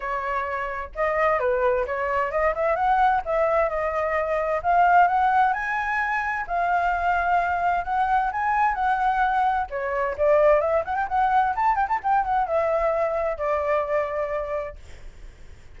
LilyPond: \new Staff \with { instrumentName = "flute" } { \time 4/4 \tempo 4 = 130 cis''2 dis''4 b'4 | cis''4 dis''8 e''8 fis''4 e''4 | dis''2 f''4 fis''4 | gis''2 f''2~ |
f''4 fis''4 gis''4 fis''4~ | fis''4 cis''4 d''4 e''8 fis''16 g''16 | fis''4 a''8 g''16 a''16 g''8 fis''8 e''4~ | e''4 d''2. | }